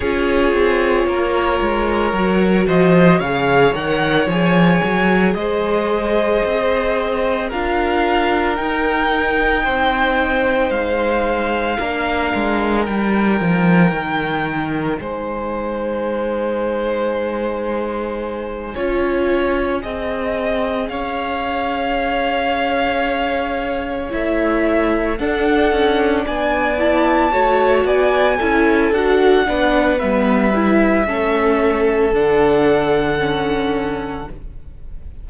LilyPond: <<
  \new Staff \with { instrumentName = "violin" } { \time 4/4 \tempo 4 = 56 cis''2~ cis''8 dis''8 f''8 fis''8 | gis''4 dis''2 f''4 | g''2 f''2 | g''2 gis''2~ |
gis''2.~ gis''8 f''8~ | f''2~ f''8 e''4 fis''8~ | fis''8 gis''8 a''4 gis''4 fis''4 | e''2 fis''2 | }
  \new Staff \with { instrumentName = "violin" } { \time 4/4 gis'4 ais'4. c''8 cis''4~ | cis''4 c''2 ais'4~ | ais'4 c''2 ais'4~ | ais'2 c''2~ |
c''4. cis''4 dis''4 cis''8~ | cis''2.~ cis''8 a'8~ | a'8 d''4 cis''8 d''8 a'4 b'8~ | b'4 a'2. | }
  \new Staff \with { instrumentName = "viola" } { \time 4/4 f'2 fis'4 gis'8 ais'8 | gis'2. f'4 | dis'2. d'4 | dis'1~ |
dis'4. f'4 gis'4.~ | gis'2~ gis'8 e'4 d'8~ | d'4 e'8 fis'4 e'8 fis'8 d'8 | b8 e'8 cis'4 d'4 cis'4 | }
  \new Staff \with { instrumentName = "cello" } { \time 4/4 cis'8 c'8 ais8 gis8 fis8 f8 cis8 dis8 | f8 fis8 gis4 c'4 d'4 | dis'4 c'4 gis4 ais8 gis8 | g8 f8 dis4 gis2~ |
gis4. cis'4 c'4 cis'8~ | cis'2~ cis'8 a4 d'8 | cis'8 b4 a8 b8 cis'8 d'8 b8 | g4 a4 d2 | }
>>